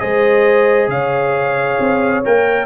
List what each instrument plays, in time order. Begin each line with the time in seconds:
0.00 tuba G#3, trombone G#4, horn C5, trumpet D#5
0.88 tuba C#3, horn C#5, trumpet F5
1.80 tuba C4
2.25 tuba A#3, trombone A#4, trumpet G5